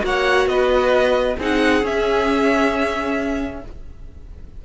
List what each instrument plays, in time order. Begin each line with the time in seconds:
0.00 cello A#3, viola F#4, violin F#5
0.06 violin C#5
0.47 cello B3, violin B4 D#5
1.38 cello C4, viola D#4, violin G#4 F#5
1.83 cello C#4, viola C#4, violin E5